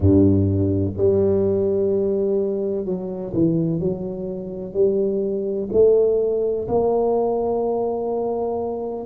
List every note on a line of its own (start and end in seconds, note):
0.00 0.94 G2
0.97 2.85 G3
2.85 3.32 F#3
3.33 3.79 E3
3.79 4.73 F#3
4.73 5.68 G3
5.72 6.67 A3
6.68 9.06 A#3